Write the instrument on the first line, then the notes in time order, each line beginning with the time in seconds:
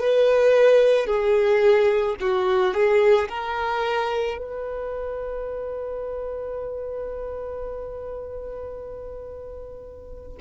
violin
0.00 B4
1.06 G#4
2.20 F#4
2.74 G#4
3.29 A#4
4.38 B4